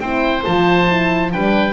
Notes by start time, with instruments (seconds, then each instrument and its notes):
0.00 double bass C4, horn E4, oboe C5 G5
0.42 double bass F3, horn F4, oboe A5
0.88 horn E4
1.32 double bass G3, horn D4, oboe B4 G5